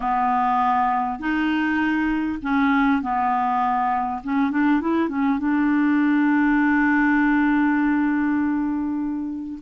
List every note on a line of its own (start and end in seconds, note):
0.00 1.19 B3
1.19 2.39 D#4
2.42 3.02 C#4
3.02 4.22 B3
4.23 4.50 C#4
4.50 4.80 D4
4.80 5.08 E4
5.08 5.38 C#4
5.38 9.58 D4